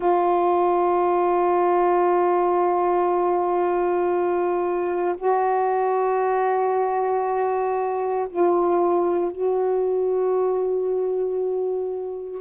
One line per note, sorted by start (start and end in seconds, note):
0.00 5.15 F4
5.17 8.28 F#4
8.29 9.31 F4
9.31 12.41 F#4